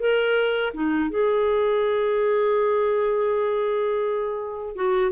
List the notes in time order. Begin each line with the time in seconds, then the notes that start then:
0.00 A#4
0.74 D#4
1.10 G#4
4.76 F#4